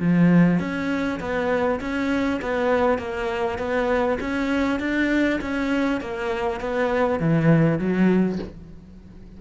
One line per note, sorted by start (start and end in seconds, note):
0.00 0.60 F3
0.60 1.20 C#4
1.21 1.81 B3
1.81 2.41 C#4
2.42 2.99 B3
2.99 3.59 A#3
3.59 4.19 B3
4.21 4.80 C#4
4.80 5.40 D4
5.42 6.01 C#4
6.01 6.61 A#3
6.61 7.20 B3
7.20 7.79 E3
7.79 8.39 F#3